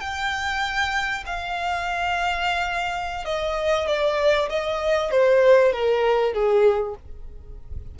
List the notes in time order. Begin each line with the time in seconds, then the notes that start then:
0.00 G5
1.26 F5
3.25 D#5
3.87 D5
4.49 D#5
5.11 C5
5.73 A#4
6.33 G#4